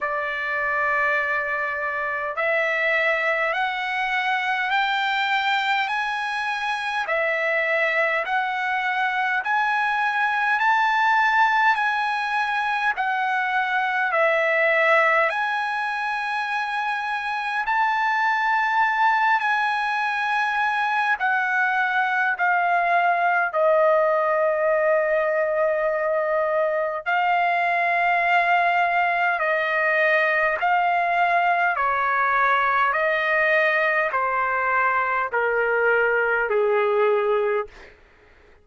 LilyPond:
\new Staff \with { instrumentName = "trumpet" } { \time 4/4 \tempo 4 = 51 d''2 e''4 fis''4 | g''4 gis''4 e''4 fis''4 | gis''4 a''4 gis''4 fis''4 | e''4 gis''2 a''4~ |
a''8 gis''4. fis''4 f''4 | dis''2. f''4~ | f''4 dis''4 f''4 cis''4 | dis''4 c''4 ais'4 gis'4 | }